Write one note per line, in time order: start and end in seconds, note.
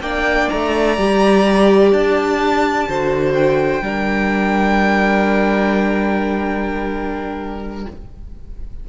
0.00 0.48 A#3
0.00 0.98 D4
0.00 2.88 D5
0.00 0.49 G5
0.49 0.98 A3
0.49 1.92 A#5
0.98 1.92 G3
0.98 2.88 G4
1.92 2.87 D4
1.92 3.34 A5
2.88 3.81 D3
2.88 3.82 F#4
2.88 3.84 C5
3.34 7.86 G5
3.81 7.86 G3
3.81 7.86 D4
3.81 7.89 A#4